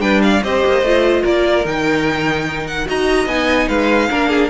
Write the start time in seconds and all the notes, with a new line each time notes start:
0.00 G3 D4 B4 G5
0.22 D5 F5
0.43 C4 G4 C5 D#5
0.65 A#3
0.82 A3 F4
1.22 A#3 A#4 D5
1.64 D#3 D#4 G5
2.67 F#5
2.85 D#4 F#4 D#5 A#5
3.26 B3 D#4 G#5
3.67 G#3 B4 F5
4.09 A#3 D4 A#4
4.29 G#4